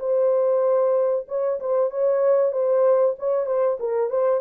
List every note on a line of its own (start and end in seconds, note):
0.00 1.26 C5
1.28 1.60 C#5
1.60 1.91 C5
1.91 2.53 C#5
2.53 3.16 C5
3.19 3.46 C#5
3.46 3.78 C5
3.80 4.10 A#4
4.10 4.41 C5